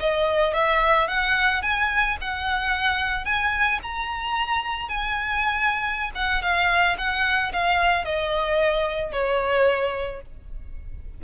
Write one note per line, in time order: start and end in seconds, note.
0.00 0.54 D#5
0.54 1.08 E5
1.08 1.63 F#5
1.63 2.17 G#5
2.21 3.25 F#5
3.25 3.80 G#5
3.83 4.89 A#5
4.89 6.11 G#5
6.15 6.43 F#5
6.43 6.97 F5
6.98 7.53 F#5
7.53 8.05 F5
8.05 9.13 D#5
9.13 10.22 C#5